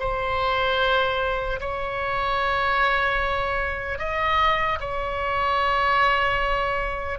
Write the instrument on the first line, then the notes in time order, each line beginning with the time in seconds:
oboe
0.00 C5
1.60 C#5
3.99 D#5
4.80 C#5